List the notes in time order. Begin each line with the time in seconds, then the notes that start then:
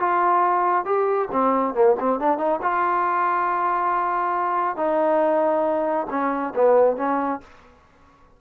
0.00 F4
0.86 G4
1.32 C4
1.75 A#3
2.00 C4
2.20 D4
2.38 D#4
2.63 F4
4.77 D#4
6.10 C#4
6.56 B3
6.97 C#4